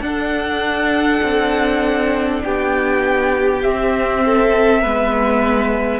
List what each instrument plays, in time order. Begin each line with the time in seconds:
0.00 cello D4, viola D4, violin A4 F#5
1.22 cello C4
2.43 cello B3, violin G4 G5
3.62 cello C4, viola C4, violin E5
4.25 violin A4
4.82 cello G#3, viola B3, violin B4